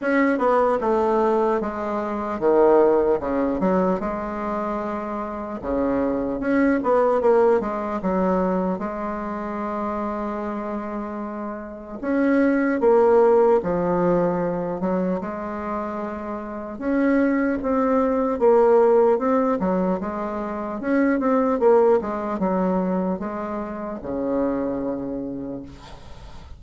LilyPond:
\new Staff \with { instrumentName = "bassoon" } { \time 4/4 \tempo 4 = 75 cis'8 b8 a4 gis4 dis4 | cis8 fis8 gis2 cis4 | cis'8 b8 ais8 gis8 fis4 gis4~ | gis2. cis'4 |
ais4 f4. fis8 gis4~ | gis4 cis'4 c'4 ais4 | c'8 fis8 gis4 cis'8 c'8 ais8 gis8 | fis4 gis4 cis2 | }